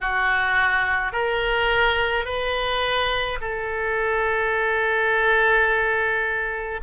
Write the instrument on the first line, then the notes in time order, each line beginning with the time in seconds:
oboe
0.01 F#4
1.12 A#4
2.25 B4
3.41 A4